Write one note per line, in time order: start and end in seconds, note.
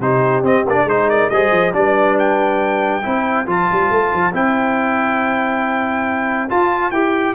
0.00 0.43 C3
0.00 0.43 D#4
0.00 0.85 G4
0.00 0.44 C5
0.43 0.65 C4
0.43 0.66 D#5
0.67 0.85 A#3
0.67 0.88 D4
0.67 0.88 D5
0.85 1.28 G#3
0.85 1.31 D#4
0.85 1.06 G#4
0.85 1.09 C5
1.09 1.31 A#4
1.09 1.30 D5
1.30 1.51 G3
1.30 1.72 G#4
1.30 1.76 C5
1.30 1.73 D#5
1.51 1.72 F3
1.72 3.03 G3
1.72 3.02 D4
1.72 3.06 B4
1.72 2.17 D5
2.19 3.48 G5
3.03 3.46 C4
3.03 3.46 E4
3.03 7.34 C5
3.46 3.68 F3
3.46 4.32 F4
3.46 4.35 A5
3.72 3.90 G3
3.90 4.11 A3
4.13 4.33 F3
4.33 6.49 C4
4.33 6.49 E4
4.33 6.50 G5
6.49 6.92 F4
6.49 6.91 F4
6.49 6.91 A5
6.91 7.34 E4
6.91 7.34 G4
6.91 7.34 G5